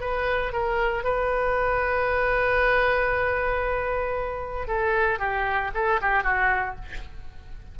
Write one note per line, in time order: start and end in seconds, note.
0.00 0.52 B4
0.52 1.04 A#4
1.04 4.67 B4
4.67 5.18 A4
5.18 5.71 G4
5.74 6.00 A4
6.01 6.23 G4
6.23 6.75 F#4